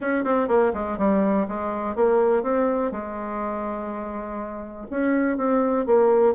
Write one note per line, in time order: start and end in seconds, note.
0.00 0.24 C#4
0.24 0.48 C4
0.48 0.72 A#3
0.73 0.98 G#3
0.98 1.46 G3
1.48 1.95 G#3
1.95 2.43 A#3
2.43 2.91 C4
2.91 4.86 G#3
4.90 5.37 C#4
5.37 5.85 C4
5.86 6.34 A#3